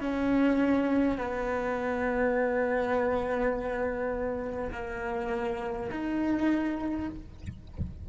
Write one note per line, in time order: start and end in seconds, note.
0.00 1.18 C#4
1.18 4.71 B3
4.72 5.89 A#3
5.91 7.09 D#4